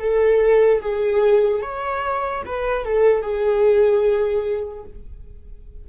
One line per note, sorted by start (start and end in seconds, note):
0.00 0.81 A4
0.81 1.62 G#4
1.62 2.43 C#5
2.46 2.85 B4
2.85 3.22 A4
3.22 4.84 G#4